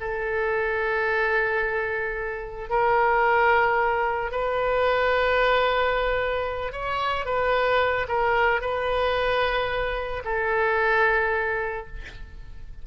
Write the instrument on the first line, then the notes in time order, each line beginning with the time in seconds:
oboe
0.00 A4
2.70 A#4
4.31 B4
6.72 C#5
7.25 B4
8.08 A#4
8.61 B4
10.25 A4